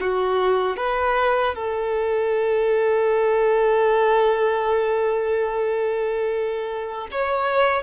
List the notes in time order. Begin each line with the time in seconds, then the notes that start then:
0.00 F#4
0.77 B4
1.55 A4
7.11 C#5